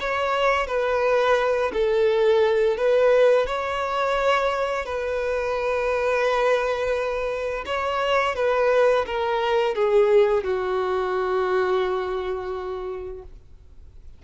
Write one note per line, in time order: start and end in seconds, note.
0.00 0.67 C#5
0.67 1.72 B4
1.73 2.77 A4
2.77 3.47 B4
3.47 4.86 C#5
4.86 7.65 B4
7.66 8.36 C#5
8.36 9.05 B4
9.06 9.75 A#4
9.75 10.44 G#4
10.44 13.23 F#4